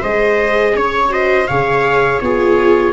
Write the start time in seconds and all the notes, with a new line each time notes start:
0.00 G#3 G#4 C5 D#5
0.75 C#4 C#5
1.09 F#4 C5 D#5
1.47 C#3 G#4 C#5 F5
2.19 B3 F4 G#4 C#5